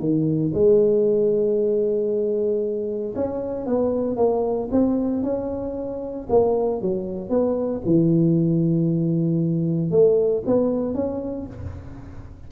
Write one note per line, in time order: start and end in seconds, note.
0.00 0.52 D#3
0.54 3.15 G#3
3.16 3.67 C#4
3.67 4.17 B3
4.17 4.70 A#3
4.72 5.23 C4
5.23 6.28 C#4
6.30 6.82 A#3
6.82 7.30 F#3
7.30 7.82 B3
7.86 9.92 E3
9.92 10.44 A3
10.47 10.95 B3
10.95 11.47 C#4